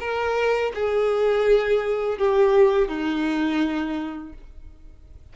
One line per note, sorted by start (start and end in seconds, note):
0.00 0.72 A#4
0.75 2.19 G#4
2.19 2.88 G4
2.88 4.33 D#4